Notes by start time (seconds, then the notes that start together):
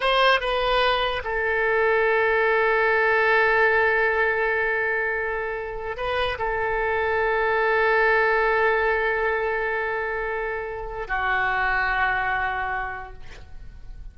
0.00 C5
0.40 B4
1.24 A4
5.97 B4
6.38 A4
11.07 F#4